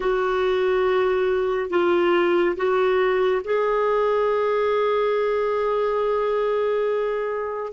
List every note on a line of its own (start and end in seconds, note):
0.00 1.69 F#4
1.69 2.55 F4
2.56 3.42 F#4
3.44 7.73 G#4